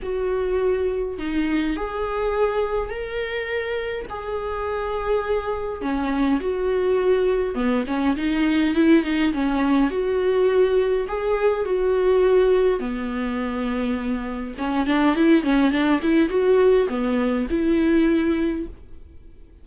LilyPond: \new Staff \with { instrumentName = "viola" } { \time 4/4 \tempo 4 = 103 fis'2 dis'4 gis'4~ | gis'4 ais'2 gis'4~ | gis'2 cis'4 fis'4~ | fis'4 b8 cis'8 dis'4 e'8 dis'8 |
cis'4 fis'2 gis'4 | fis'2 b2~ | b4 cis'8 d'8 e'8 cis'8 d'8 e'8 | fis'4 b4 e'2 | }